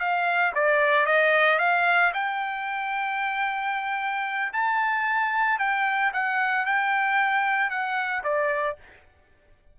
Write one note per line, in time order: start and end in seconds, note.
0.00 0.53 F5
0.55 1.07 D5
1.07 1.60 D#5
1.60 2.13 F5
2.14 4.53 G5
4.53 5.59 A5
5.59 6.13 G5
6.14 6.66 F#5
6.66 7.70 G5
7.70 8.23 F#5
8.24 8.77 D5